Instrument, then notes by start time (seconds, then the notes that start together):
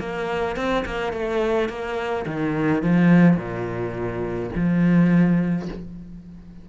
cello
0.00 A#3
0.56 C4
0.85 A#3
1.12 A3
1.69 A#3
2.26 D#3
2.83 F3
3.37 A#2
4.55 F3